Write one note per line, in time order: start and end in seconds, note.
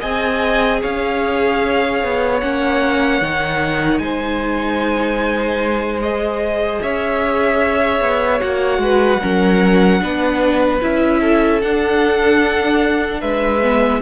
0.00 0.82 C4
0.00 2.41 G#4
0.00 0.80 D#5
0.00 0.82 G#5
0.81 2.03 C#4
0.81 4.01 C#5
0.81 2.40 F5
2.03 2.42 B3
2.40 3.21 A#3
2.40 3.22 C#4
2.40 3.99 F#5
3.21 3.99 D#3
3.21 6.02 D#4
3.99 6.79 G#3
3.99 6.82 C5
3.99 5.99 G#5
6.02 8.39 G#4
6.02 6.82 D#5
6.82 8.01 C#4
6.82 8.82 C#5
6.82 8.41 E5
8.01 8.41 B3
8.39 8.78 A#3
8.39 9.19 F#4
8.39 10.81 F#5
8.78 9.18 G#3
8.78 9.21 B4
9.21 10.01 F#3
9.21 10.00 C#4
9.21 10.01 A#4
10.00 10.81 B3
10.00 10.80 D4
10.00 11.20 B4
10.81 11.62 C#4
10.81 11.61 E4
10.81 11.61 E5
11.20 13.20 A4
11.61 13.22 D4
11.61 13.62 D4
11.61 13.21 F#5
13.20 14.02 G#3
13.20 14.00 B4
13.20 14.01 E5
13.62 14.02 B3